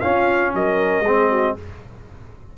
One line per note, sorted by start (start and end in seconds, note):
0.00 1.04 C#4
0.00 0.54 C#4
0.00 0.52 F4
0.00 0.51 F5
0.54 1.00 F#3
0.54 1.07 A#4
0.54 1.57 D#5
1.00 1.51 G#3
1.00 1.57 C4
1.07 1.29 G#4
1.29 1.55 F#4